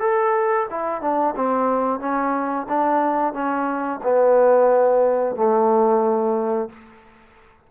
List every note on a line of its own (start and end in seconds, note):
0.00 0.67 A4
0.70 1.01 E4
1.01 1.35 D4
1.36 2.00 C4
2.00 2.66 C#4
2.68 3.33 D4
3.33 4.00 C#4
4.04 5.36 B3
5.36 6.69 A3